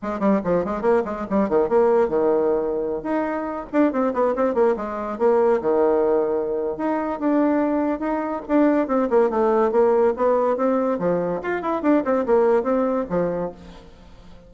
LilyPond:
\new Staff \with { instrumentName = "bassoon" } { \time 4/4 \tempo 4 = 142 gis8 g8 f8 gis8 ais8 gis8 g8 dis8 | ais4 dis2~ dis16 dis'8.~ | dis'8. d'8 c'8 b8 c'8 ais8 gis8.~ | gis16 ais4 dis2~ dis8. |
dis'4 d'2 dis'4 | d'4 c'8 ais8 a4 ais4 | b4 c'4 f4 f'8 e'8 | d'8 c'8 ais4 c'4 f4 | }